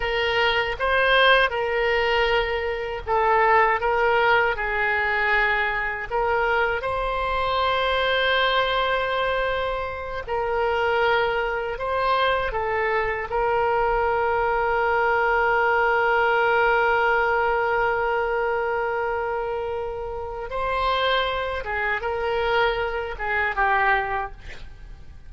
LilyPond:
\new Staff \with { instrumentName = "oboe" } { \time 4/4 \tempo 4 = 79 ais'4 c''4 ais'2 | a'4 ais'4 gis'2 | ais'4 c''2.~ | c''4. ais'2 c''8~ |
c''8 a'4 ais'2~ ais'8~ | ais'1~ | ais'2. c''4~ | c''8 gis'8 ais'4. gis'8 g'4 | }